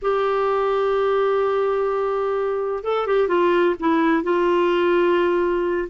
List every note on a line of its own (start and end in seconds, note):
0.02 2.83 G4
2.83 3.07 A4
3.07 3.27 G4
3.27 3.75 F4
3.79 4.23 E4
4.23 5.88 F4